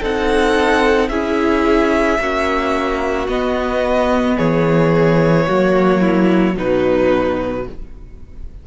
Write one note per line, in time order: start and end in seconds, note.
0.00 1.09 C4
0.00 1.11 D#4
0.00 1.09 A4
0.00 1.09 F#5
1.09 2.18 C#4
1.09 2.20 E4
1.09 2.19 G#4
1.09 3.27 E5
2.19 3.28 A#3
2.19 3.28 C#4
2.19 4.36 F#4
3.28 4.37 B3
3.28 5.47 B3
3.28 4.38 D#5
4.36 5.48 E3
4.36 5.45 G#4
4.36 6.56 C#5
5.47 6.57 F#3
5.47 6.56 A#3
5.47 6.01 F#4
6.01 6.55 E4
6.56 7.66 B2
6.56 7.65 F#3
6.56 7.66 D#4
6.56 7.67 B4